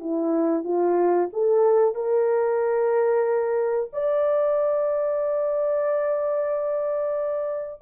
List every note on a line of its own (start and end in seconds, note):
0.00 0.64 E4
0.64 1.29 F4
1.33 1.95 A4
1.95 3.90 A#4
3.93 7.81 D5